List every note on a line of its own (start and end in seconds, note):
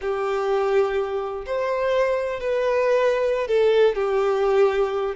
0.01 1.45 G4
1.46 2.40 C5
2.40 3.47 B4
3.47 3.95 A4
3.95 5.15 G4